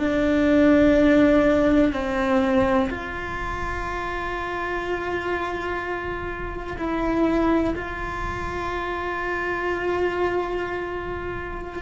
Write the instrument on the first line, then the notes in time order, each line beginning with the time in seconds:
cello
0.00 D4
1.94 C4
2.90 F4
6.78 E4
7.76 F4